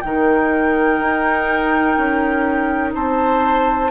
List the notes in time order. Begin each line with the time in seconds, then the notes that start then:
0.00 D#3 D#4 A#4 G5
1.00 D#4
1.97 C#4
2.94 C4 C5 A5